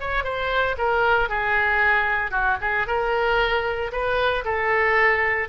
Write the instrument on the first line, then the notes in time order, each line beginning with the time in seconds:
oboe
0.00 C#5
0.24 C5
0.78 A#4
1.29 G#4
2.31 F#4
2.61 G#4
2.87 A#4
3.92 B4
4.44 A4